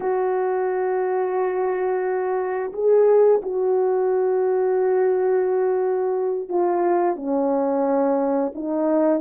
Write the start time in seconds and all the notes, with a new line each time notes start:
0.00 F#4
2.72 G#4
3.42 F#4
6.49 F4
7.16 C#4
8.54 D#4